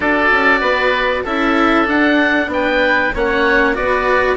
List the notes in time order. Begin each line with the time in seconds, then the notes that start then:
0.00 D4 F#4 A4 D5
0.31 C#4
0.60 B3 B4
1.23 C#4 E4 A4 E5
1.85 D4 F#5
2.47 B3 B4 G5
3.14 A#3 C#4 C#5 F#5
3.73 B3 F#4 B4 D5